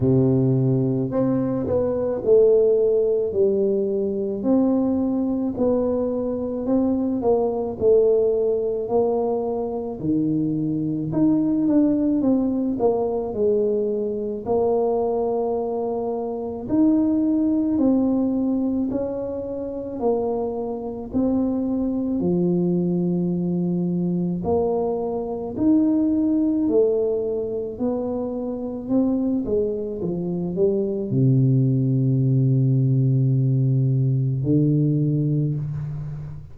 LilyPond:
\new Staff \with { instrumentName = "tuba" } { \time 4/4 \tempo 4 = 54 c4 c'8 b8 a4 g4 | c'4 b4 c'8 ais8 a4 | ais4 dis4 dis'8 d'8 c'8 ais8 | gis4 ais2 dis'4 |
c'4 cis'4 ais4 c'4 | f2 ais4 dis'4 | a4 b4 c'8 gis8 f8 g8 | c2. d4 | }